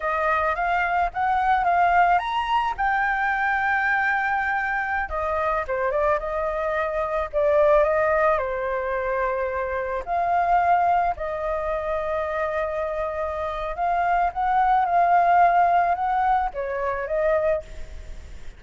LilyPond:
\new Staff \with { instrumentName = "flute" } { \time 4/4 \tempo 4 = 109 dis''4 f''4 fis''4 f''4 | ais''4 g''2.~ | g''4~ g''16 dis''4 c''8 d''8 dis''8.~ | dis''4~ dis''16 d''4 dis''4 c''8.~ |
c''2~ c''16 f''4.~ f''16~ | f''16 dis''2.~ dis''8.~ | dis''4 f''4 fis''4 f''4~ | f''4 fis''4 cis''4 dis''4 | }